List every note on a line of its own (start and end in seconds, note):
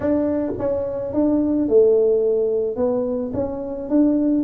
0.00 0.52 D4
0.58 1.13 C#4
1.13 1.68 D4
1.68 2.76 A3
2.76 3.32 B3
3.33 3.89 C#4
3.89 4.43 D4